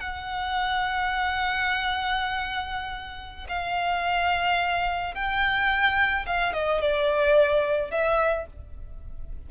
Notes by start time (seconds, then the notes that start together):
0.00 F#5
3.49 F5
5.15 G5
6.27 F5
6.54 D#5
6.81 D5
7.91 E5